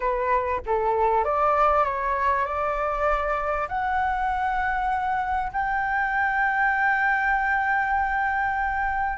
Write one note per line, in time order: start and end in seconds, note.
0.00 0.60 B4
0.66 1.24 A4
1.24 1.84 D5
1.84 2.45 C#5
2.45 3.67 D5
3.68 5.52 F#5
5.52 9.18 G5